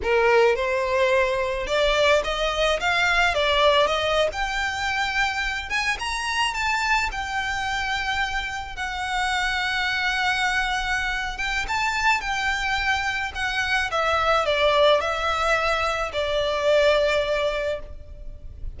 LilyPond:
\new Staff \with { instrumentName = "violin" } { \time 4/4 \tempo 4 = 108 ais'4 c''2 d''4 | dis''4 f''4 d''4 dis''8. g''16~ | g''2~ g''16 gis''8 ais''4 a''16~ | a''8. g''2. fis''16~ |
fis''1~ | fis''8 g''8 a''4 g''2 | fis''4 e''4 d''4 e''4~ | e''4 d''2. | }